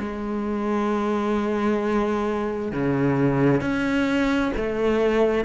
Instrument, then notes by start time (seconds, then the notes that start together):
cello
0.00 G#3
2.73 C#3
3.62 C#4
4.57 A3